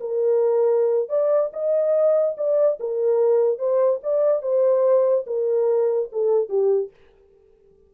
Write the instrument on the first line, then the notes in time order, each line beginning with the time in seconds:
horn
0.00 A#4
1.09 D5
1.53 D#5
2.37 D5
2.79 A#4
3.58 C5
4.03 D5
4.42 C5
5.27 A#4
6.12 A4
6.49 G4